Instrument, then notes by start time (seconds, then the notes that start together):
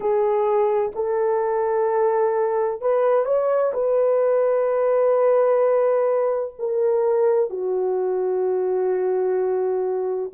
horn
0.00 G#4
0.95 A4
2.81 B4
3.25 C#5
3.73 B4
6.58 A#4
7.50 F#4